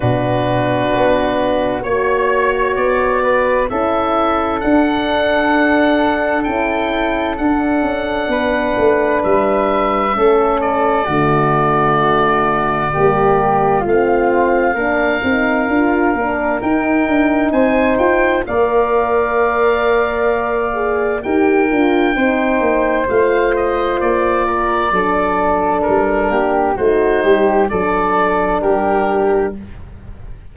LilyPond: <<
  \new Staff \with { instrumentName = "oboe" } { \time 4/4 \tempo 4 = 65 b'2 cis''4 d''4 | e''4 fis''2 g''4 | fis''2 e''4. d''8~ | d''2. f''4~ |
f''2 g''4 gis''8 g''8 | f''2. g''4~ | g''4 f''8 dis''8 d''2 | ais'4 c''4 d''4 ais'4 | }
  \new Staff \with { instrumentName = "flute" } { \time 4/4 fis'2 cis''4. b'8 | a'1~ | a'4 b'2 a'4 | fis'2 g'4 f'4 |
ais'2. c''4 | d''2. ais'4 | c''2~ c''8 ais'8 a'4~ | a'8 g'8 fis'8 g'8 a'4 g'4 | }
  \new Staff \with { instrumentName = "horn" } { \time 4/4 d'2 fis'2 | e'4 d'2 e'4 | d'2. cis'4 | a2 ais4 c'4 |
d'8 dis'8 f'8 d'8 dis'2 | ais'2~ ais'8 gis'8 g'8 f'8 | dis'4 f'2 d'4~ | d'4 dis'4 d'2 | }
  \new Staff \with { instrumentName = "tuba" } { \time 4/4 b,4 b4 ais4 b4 | cis'4 d'2 cis'4 | d'8 cis'8 b8 a8 g4 a4 | d2 g4 a4 |
ais8 c'8 d'8 ais8 dis'8 d'8 c'8 f'8 | ais2. dis'8 d'8 | c'8 ais8 a4 ais4 fis4 | g8 ais8 a8 g8 fis4 g4 | }
>>